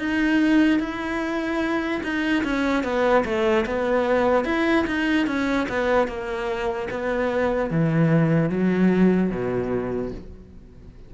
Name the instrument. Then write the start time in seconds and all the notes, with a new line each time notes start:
cello
0.00 D#4
0.80 E4
2.04 D#4
2.44 C#4
2.84 B3
3.25 A3
3.66 B3
4.46 E4
4.87 D#4
5.27 C#4
5.69 B3
6.08 A#3
6.91 B3
7.71 E3
8.50 F#3
9.31 B2